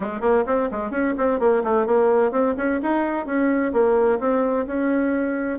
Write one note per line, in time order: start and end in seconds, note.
0.00 0.21 G#3
0.21 0.44 A#3
0.46 0.69 C4
0.71 0.90 G#3
0.90 1.14 C#4
1.17 1.39 C4
1.39 1.62 A#3
1.63 1.86 A3
1.86 2.31 A#3
2.31 2.55 C4
2.57 2.80 C#4
2.82 3.26 D#4
3.26 3.72 C#4
3.73 4.19 A#3
4.19 4.66 C4
4.66 5.58 C#4